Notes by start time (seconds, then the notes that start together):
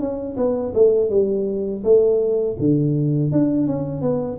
0.00 C#4
0.37 B3
0.75 A3
1.10 G3
1.84 A3
2.59 D3
3.32 D4
3.67 C#4
4.02 B3